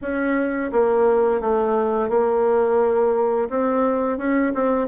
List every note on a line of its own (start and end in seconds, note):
0.01 0.71 C#4
0.72 1.40 A#3
1.40 2.09 A3
2.09 3.48 A#3
3.49 4.17 C4
4.17 4.52 C#4
4.54 4.87 C4